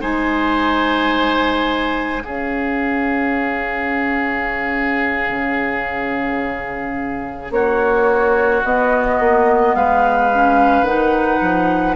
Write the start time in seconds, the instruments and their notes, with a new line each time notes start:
0.00 bassoon G#3, clarinet D#4, oboe C5, flute G#5
2.22 clarinet C#4, bassoon C#4, oboe G#4, flute F5
5.29 bassoon C#3
7.51 bassoon A#3, oboe F#4, flute C#5
8.64 bassoon B3, clarinet B3, flute D#5
9.20 bassoon A#3
9.75 bassoon G#3, oboe B4, flute F5
10.33 clarinet C#4
10.82 bassoon D#3, clarinet D#4, flute F#5
11.41 bassoon F3